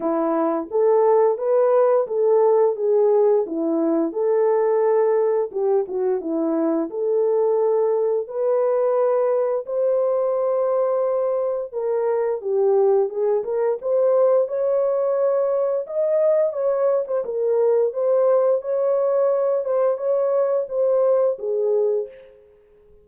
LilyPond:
\new Staff \with { instrumentName = "horn" } { \time 4/4 \tempo 4 = 87 e'4 a'4 b'4 a'4 | gis'4 e'4 a'2 | g'8 fis'8 e'4 a'2 | b'2 c''2~ |
c''4 ais'4 g'4 gis'8 ais'8 | c''4 cis''2 dis''4 | cis''8. c''16 ais'4 c''4 cis''4~ | cis''8 c''8 cis''4 c''4 gis'4 | }